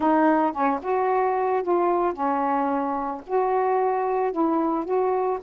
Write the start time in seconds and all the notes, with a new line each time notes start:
0.00 D#4
0.52 C#4
0.82 F#4
1.62 F4
2.13 C#4
3.27 F#4
4.32 E4
4.85 F#4